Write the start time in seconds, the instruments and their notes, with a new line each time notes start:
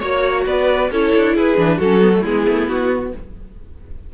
0.00 cello A#3, viola F#4, violin C#5
0.46 cello B3, violin B4 D5
0.91 cello C#4, viola E4, violin A4 C#5
1.16 cello D4
1.35 cello E4, violin G#4 B4
1.58 cello E3, viola D4
1.78 cello F#3, viola C#4, violin F#4 A4
2.02 viola B3
2.15 viola A3
2.21 cello G#3, viola B3, violin E4 G#4
2.49 cello A3
2.69 cello B3, violin F#4